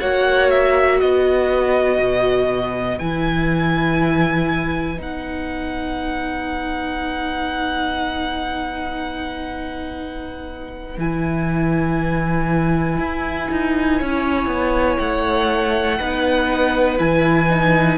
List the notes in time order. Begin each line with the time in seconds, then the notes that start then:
0.00 A#3 F#4 C#5 F#5
0.50 E5
0.99 B3 B4 D#5
1.98 B2
2.99 E3 E4 G#5
4.96 B3 D#4 F#5
10.98 E3 E4 G#5
12.99 E4
13.51 D#4
13.98 C#4 C#5
14.47 B3
14.99 A3 F#5
15.99 B3 D#4 B4
16.99 E3 E4 G#5
17.50 D#4